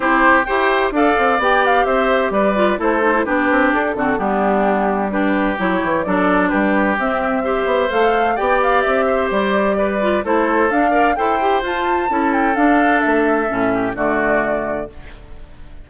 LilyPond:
<<
  \new Staff \with { instrumentName = "flute" } { \time 4/4 \tempo 4 = 129 c''4 g''4 f''4 g''8 f''8 | e''4 d''4 c''4 b'4 | a'4 g'2 b'4 | cis''4 d''4 b'4 e''4~ |
e''4 f''4 g''8 f''8 e''4 | d''2 c''4 f''4 | g''4 a''4. g''8 f''4 | e''2 d''2 | }
  \new Staff \with { instrumentName = "oboe" } { \time 4/4 g'4 c''4 d''2 | c''4 b'4 a'4 g'4~ | g'8 fis'8 d'2 g'4~ | g'4 a'4 g'2 |
c''2 d''4. c''8~ | c''4 b'4 a'4. d''8 | c''2 a'2~ | a'4. g'8 fis'2 | }
  \new Staff \with { instrumentName = "clarinet" } { \time 4/4 e'4 g'4 a'4 g'4~ | g'4. f'8 e'8 dis'16 e'16 d'4~ | d'8 c'8 b2 d'4 | e'4 d'2 c'4 |
g'4 a'4 g'2~ | g'4. f'8 e'4 d'8 ais'8 | a'8 g'8 f'4 e'4 d'4~ | d'4 cis'4 a2 | }
  \new Staff \with { instrumentName = "bassoon" } { \time 4/4 c'4 e'4 d'8 c'8 b4 | c'4 g4 a4 b8 c'8 | d'8 d8 g2. | fis8 e8 fis4 g4 c'4~ |
c'8 b8 a4 b4 c'4 | g2 a4 d'4 | e'4 f'4 cis'4 d'4 | a4 a,4 d2 | }
>>